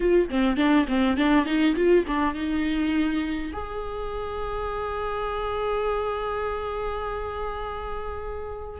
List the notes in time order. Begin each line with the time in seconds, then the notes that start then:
0.00 F4
0.29 C4
0.56 D4
0.87 C4
1.17 D4
1.45 D#4
1.75 F4
2.07 D4
2.34 D#4
3.52 G#4